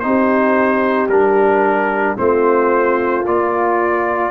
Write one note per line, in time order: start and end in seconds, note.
0.00 1.09 C4
0.00 1.10 D#4
0.00 2.18 G4
0.00 1.07 C5
1.09 2.16 G3
1.09 2.17 D4
1.09 2.17 A#4
2.17 3.26 A3
2.17 3.24 C4
2.17 4.31 F4
2.17 3.25 C5
3.26 4.31 A#3
3.26 4.31 F4
3.26 4.31 D5